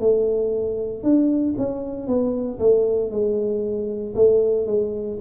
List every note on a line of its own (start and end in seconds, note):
0.00 1.03 A3
1.03 1.55 D4
1.58 2.08 C#4
2.08 2.60 B3
2.60 3.11 A3
3.11 4.15 G#3
4.16 4.67 A3
4.67 5.19 G#3